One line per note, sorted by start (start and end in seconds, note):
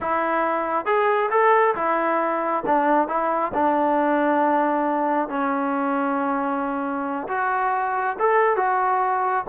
0.00 0.85 E4
0.85 1.29 G#4
1.30 1.74 A4
1.75 2.63 E4
2.66 3.08 D4
3.08 3.52 E4
3.54 5.28 D4
5.28 7.27 C#4
7.28 8.16 F#4
8.19 8.56 A4
8.56 9.44 F#4